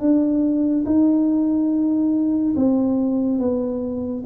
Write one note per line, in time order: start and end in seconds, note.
0.00 0.85 D4
0.86 2.55 D#4
2.56 3.39 C4
3.39 4.24 B3